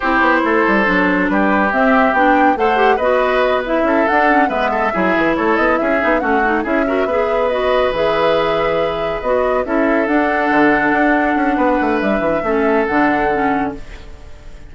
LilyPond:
<<
  \new Staff \with { instrumentName = "flute" } { \time 4/4 \tempo 4 = 140 c''2. b'4 | e''4 g''4 fis''4 dis''4~ | dis''8 e''4 fis''4 e''4.~ | e''8 cis''8 dis''8 e''4 fis''4 e''8~ |
e''4. dis''4 e''4.~ | e''4. dis''4 e''4 fis''8~ | fis''1 | e''2 fis''2 | }
  \new Staff \with { instrumentName = "oboe" } { \time 4/4 g'4 a'2 g'4~ | g'2 c''4 b'4~ | b'4 a'4. b'8 a'8 gis'8~ | gis'8 a'4 gis'4 fis'4 gis'8 |
ais'8 b'2.~ b'8~ | b'2~ b'8 a'4.~ | a'2. b'4~ | b'4 a'2. | }
  \new Staff \with { instrumentName = "clarinet" } { \time 4/4 e'2 d'2 | c'4 d'4 a'8 g'8 fis'4~ | fis'8 e'4 d'8 cis'8 b4 e'8~ | e'2 dis'8 cis'8 dis'8 e'8 |
fis'8 gis'4 fis'4 gis'4.~ | gis'4. fis'4 e'4 d'8~ | d'1~ | d'4 cis'4 d'4 cis'4 | }
  \new Staff \with { instrumentName = "bassoon" } { \time 4/4 c'8 b8 a8 g8 fis4 g4 | c'4 b4 a4 b4~ | b4 cis'8 d'4 gis4 fis8 | e8 a8 b8 cis'8 b8 a4 cis'8~ |
cis'8 b2 e4.~ | e4. b4 cis'4 d'8~ | d'8 d4 d'4 cis'8 b8 a8 | g8 e8 a4 d2 | }
>>